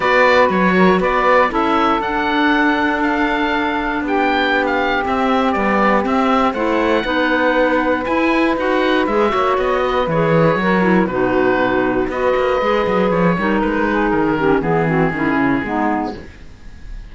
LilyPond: <<
  \new Staff \with { instrumentName = "oboe" } { \time 4/4 \tempo 4 = 119 d''4 cis''4 d''4 e''4 | fis''2 f''2 | g''4~ g''16 f''8. e''4 d''4 | e''4 fis''2. |
gis''4 fis''4 e''4 dis''4 | cis''2 b'2 | dis''2 cis''4 b'4 | ais'4 gis'2. | }
  \new Staff \with { instrumentName = "saxophone" } { \time 4/4 b'4. ais'8 b'4 a'4~ | a'1 | g'1~ | g'4 c''4 b'2~ |
b'2~ b'8 cis''4 b'8~ | b'4 ais'4 fis'2 | b'2~ b'8 ais'4 gis'8~ | gis'8 g'8 gis'8 fis'8 e'4 dis'4 | }
  \new Staff \with { instrumentName = "clarinet" } { \time 4/4 fis'2. e'4 | d'1~ | d'2 c'4 g4 | c'4 e'4 dis'2 |
e'4 fis'4 gis'8 fis'4. | gis'4 fis'8 e'8 dis'2 | fis'4 gis'4. dis'4.~ | dis'8 cis'8 b8 c'8 cis'4 b4 | }
  \new Staff \with { instrumentName = "cello" } { \time 4/4 b4 fis4 b4 cis'4 | d'1 | b2 c'4 b4 | c'4 a4 b2 |
e'4 dis'4 gis8 ais8 b4 | e4 fis4 b,2 | b8 ais8 gis8 fis8 f8 g8 gis4 | dis4 e4 dis8 cis8 gis4 | }
>>